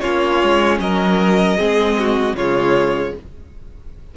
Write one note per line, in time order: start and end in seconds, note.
0.00 0.43 A#3
0.00 1.58 C#4
0.00 0.79 F4
0.00 0.78 C#5
0.43 0.79 G#3
0.79 1.57 F#3
0.79 1.57 A#4
0.79 2.36 D#5
1.57 2.33 G#3
1.57 2.36 C4
1.57 1.96 G#4
1.99 2.36 F#4
2.33 3.11 C#3
2.33 3.16 G#3
2.33 3.14 F4
2.33 3.14 C#5